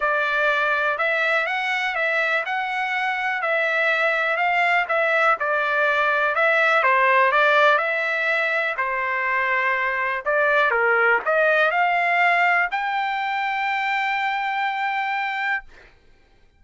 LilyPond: \new Staff \with { instrumentName = "trumpet" } { \time 4/4 \tempo 4 = 123 d''2 e''4 fis''4 | e''4 fis''2 e''4~ | e''4 f''4 e''4 d''4~ | d''4 e''4 c''4 d''4 |
e''2 c''2~ | c''4 d''4 ais'4 dis''4 | f''2 g''2~ | g''1 | }